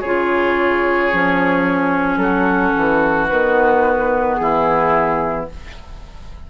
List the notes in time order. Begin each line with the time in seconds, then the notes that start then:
0.00 C#3 F4 G#4 C#5
1.12 F3 C#4
2.17 F#3 F#4 A4
2.76 E3
3.29 D#3 B3 B4
4.36 E3 E4 G#4